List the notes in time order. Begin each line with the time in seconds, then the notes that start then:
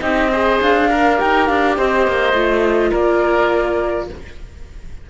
0.00 C4 D#4 G4 D#5
0.31 G#4 C5
0.61 D4 F5
0.89 A#4
1.15 D#4 G4 G5
1.46 D4 F5
1.76 C4 C5 D#5
2.07 A#3
2.33 A3 F4
2.91 A#3 A#4 D5